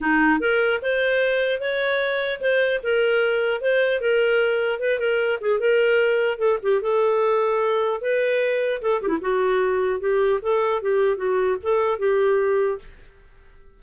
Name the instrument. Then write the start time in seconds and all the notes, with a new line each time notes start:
clarinet
0.00 D#4
0.39 A#4
0.82 C5
1.60 C#5
2.40 C5
2.83 A#4
3.61 C5
4.01 A#4
4.79 B4
4.99 A#4
5.40 G#4
5.59 A#4
6.38 A4
6.62 G4
6.81 A4
8.01 B4
8.81 A4
9.02 G4
9.08 E4
9.21 F#4
10.00 G4
10.41 A4
10.81 G4
11.16 F#4
11.62 A4
11.98 G4